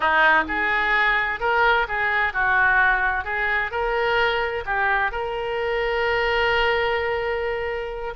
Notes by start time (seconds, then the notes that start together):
0.00 D#4
0.48 G#4
1.40 A#4
1.88 G#4
2.33 F#4
3.24 G#4
3.71 A#4
4.65 G4
5.11 A#4